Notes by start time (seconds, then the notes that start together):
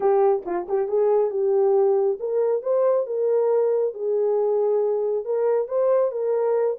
0.00 G4
0.45 F4
0.68 G4
0.87 G#4
1.30 G4
2.19 A#4
2.62 C5
3.06 A#4
3.93 G#4
5.24 A#4
5.68 C5
6.11 A#4